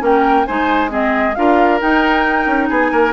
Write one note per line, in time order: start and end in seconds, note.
0.00 0.46 A#3
0.00 0.44 C#4
0.00 0.47 A#4
0.00 0.46 G5
0.46 1.37 G#3
0.46 0.90 D#4
0.46 0.91 C5
0.46 0.91 G#5
0.90 1.34 C4
0.90 1.35 G#4
0.90 1.35 D#5
1.35 1.81 D4
1.35 1.80 F4
1.35 2.69 A#4
1.35 1.80 F5
1.80 3.13 D#4
1.80 2.47 D#4
1.80 2.69 G5
2.47 2.69 C#4
2.69 2.92 B3
2.69 2.91 G#4
2.69 3.13 G#5
2.92 3.13 A#3
2.92 3.13 A#4